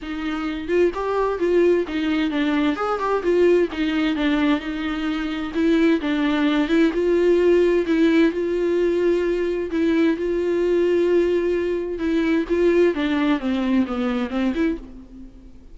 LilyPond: \new Staff \with { instrumentName = "viola" } { \time 4/4 \tempo 4 = 130 dis'4. f'8 g'4 f'4 | dis'4 d'4 gis'8 g'8 f'4 | dis'4 d'4 dis'2 | e'4 d'4. e'8 f'4~ |
f'4 e'4 f'2~ | f'4 e'4 f'2~ | f'2 e'4 f'4 | d'4 c'4 b4 c'8 e'8 | }